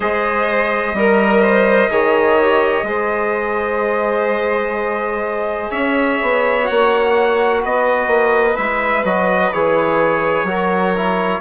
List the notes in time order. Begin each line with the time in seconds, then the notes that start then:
0.00 G#3 G#4 C5 D#5
0.93 G3 A#4
1.41 C5
1.90 D#3 G#4 C#5
2.41 G4
2.83 G#3 G#4 C5
5.70 C#4 C#5 E5
6.22 B3
6.62 F#4 F#5
6.70 A#3
7.62 B3 B4 D#5
8.07 A#3
8.56 G#3 E4 E5
9.04 F#3 F#4 D#5
9.52 E3 G#4 C#5
10.43 F#3 F#4 A#4
10.96 E4